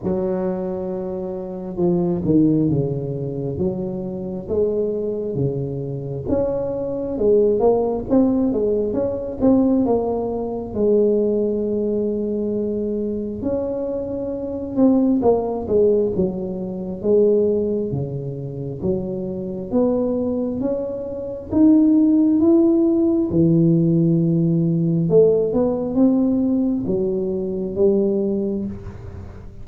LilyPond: \new Staff \with { instrumentName = "tuba" } { \time 4/4 \tempo 4 = 67 fis2 f8 dis8 cis4 | fis4 gis4 cis4 cis'4 | gis8 ais8 c'8 gis8 cis'8 c'8 ais4 | gis2. cis'4~ |
cis'8 c'8 ais8 gis8 fis4 gis4 | cis4 fis4 b4 cis'4 | dis'4 e'4 e2 | a8 b8 c'4 fis4 g4 | }